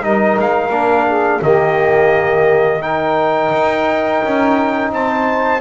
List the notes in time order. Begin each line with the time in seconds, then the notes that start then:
0.00 G3 D#4 A#4 D#5
0.38 G#3 F5
0.69 A#3 D4
1.07 G#4
1.41 D#3 A#3 G4 D#5
2.81 D#4 A#4 G5
3.52 D#4
4.23 C#4
4.91 C4 C5 A5